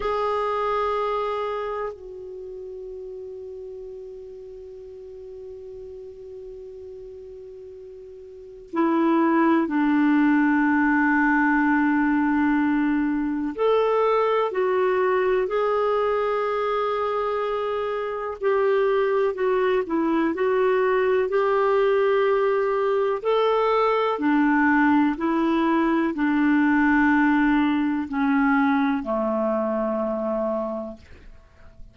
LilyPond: \new Staff \with { instrumentName = "clarinet" } { \time 4/4 \tempo 4 = 62 gis'2 fis'2~ | fis'1~ | fis'4 e'4 d'2~ | d'2 a'4 fis'4 |
gis'2. g'4 | fis'8 e'8 fis'4 g'2 | a'4 d'4 e'4 d'4~ | d'4 cis'4 a2 | }